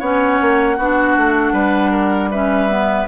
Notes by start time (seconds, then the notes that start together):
0.00 B3 C#4 C#5 F#5
0.42 A#3
0.77 B3 D4 F#4
1.17 A3
1.53 G3 B4
1.92 A#4
2.31 C#4 B4 E5
2.69 B3